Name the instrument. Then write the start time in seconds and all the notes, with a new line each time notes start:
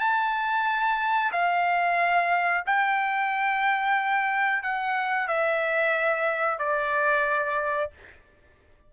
trumpet
0.00 A5
1.32 F5
2.66 G5
4.63 F#5
5.28 E5
6.59 D5